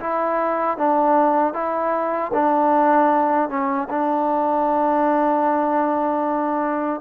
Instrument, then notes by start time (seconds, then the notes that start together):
trombone
0.00 E4
0.78 D4
1.53 E4
2.33 D4
3.49 C#4
3.89 D4